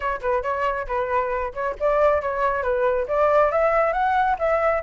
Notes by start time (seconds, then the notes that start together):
0.00 C#5
0.21 B4
0.43 C#5
0.87 B4
1.53 C#5
1.80 D5
2.21 C#5
2.63 B4
3.08 D5
3.51 E5
3.92 F#5
4.38 E5